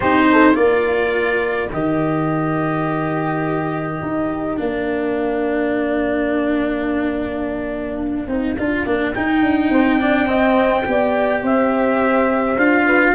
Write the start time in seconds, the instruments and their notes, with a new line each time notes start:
0.00 tuba C4, cello D#4, horn G4, trumpet C5
0.32 horn A4
0.54 tuba A#3, cello F4, horn A#4, trumpet D5
1.72 tuba D#3, cello G4, trumpet D#5
4.02 tuba D#4
4.56 tuba A#3, cello D4, trumpet F5
8.27 tuba C4, cello D#4
8.58 tuba D4, cello F4
8.85 tuba A#3, cello D4
9.14 cello D#4, tuba D#4, trumpet G5
9.42 tuba D4
9.69 tuba C4, horn C5
10.00 cello D4, horn D5
10.26 cello C4, horn D#5
10.85 tuba B3, cello G4, horn D5
11.42 tuba C4, horn C5, trumpet E5
12.57 tuba D4, cello F4, trumpet F5
12.85 horn B4